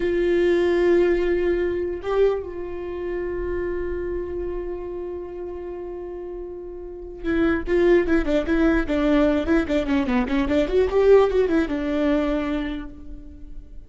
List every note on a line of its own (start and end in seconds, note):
0.00 2.00 F4
2.02 2.42 G4
2.43 7.23 F4
7.23 7.63 E4
7.67 8.07 F4
8.07 8.25 E4
8.25 8.45 D4
8.46 8.86 E4
8.87 9.46 D4
9.46 9.66 E4
9.67 9.86 D4
9.86 10.06 C#4
10.06 10.26 B3
10.28 10.48 C#4
10.48 10.68 D4
10.68 10.88 F#4
10.90 11.30 G4
11.30 11.48 F#4
11.48 11.68 E4
11.68 12.89 D4